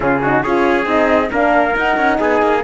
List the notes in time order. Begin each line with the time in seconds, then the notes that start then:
0.00 C#3 C#4 F4 G#4
0.21 D#4 F#4
0.42 C#4 F4 G#4 C#5
0.85 C4 D#4 D#5
1.31 A#3 D4 A#4 F5
1.73 D#4 F#5
1.96 C#4
2.18 B3 G#4 G#5
2.42 A#3